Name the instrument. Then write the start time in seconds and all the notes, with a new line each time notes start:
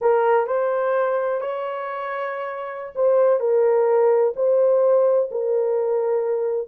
horn
0.01 A#4
0.46 C5
1.40 C#5
2.95 C5
3.39 A#4
4.36 C5
5.31 A#4